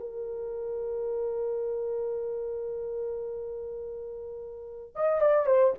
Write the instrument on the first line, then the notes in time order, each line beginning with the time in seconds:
horn
0.00 A#4
4.96 D#5
5.21 D5
5.46 C5